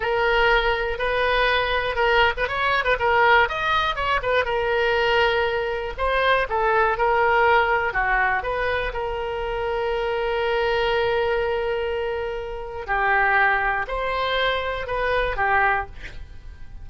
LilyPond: \new Staff \with { instrumentName = "oboe" } { \time 4/4 \tempo 4 = 121 ais'2 b'2 | ais'8. b'16 cis''8. b'16 ais'4 dis''4 | cis''8 b'8 ais'2. | c''4 a'4 ais'2 |
fis'4 b'4 ais'2~ | ais'1~ | ais'2 g'2 | c''2 b'4 g'4 | }